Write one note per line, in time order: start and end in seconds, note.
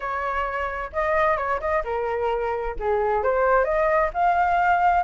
0.00 0.90 C#5
0.92 1.37 D#5
1.37 1.60 C#5
1.60 1.83 D#5
1.84 2.76 A#4
2.79 3.23 G#4
3.23 3.64 C5
3.64 4.10 D#5
4.13 5.03 F5